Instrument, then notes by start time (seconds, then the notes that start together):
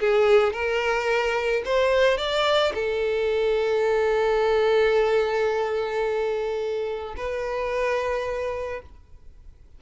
violin
0.00 G#4
0.53 A#4
1.65 C5
2.18 D5
2.74 A4
7.17 B4